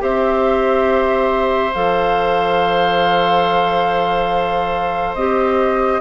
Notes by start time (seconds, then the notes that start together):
0.00 C4 G4 C5 E5
1.74 F3 A4 F5
5.15 C4 G4 D#5